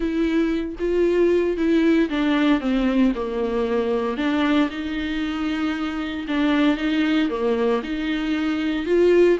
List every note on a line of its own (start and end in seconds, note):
0.00 0.76 E4
0.79 1.57 F4
1.57 2.09 E4
2.09 2.60 D4
2.60 3.12 C4
3.15 4.17 A#3
4.17 4.69 D4
4.70 6.26 D#4
6.27 6.77 D4
6.77 7.29 D#4
7.29 7.81 A#3
7.83 8.86 D#4
8.86 9.38 F4